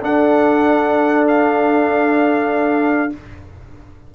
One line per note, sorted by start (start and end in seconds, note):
0.00 3.09 D4
0.00 3.11 D4
0.00 3.14 A4
0.00 1.27 F#5
1.27 3.13 F5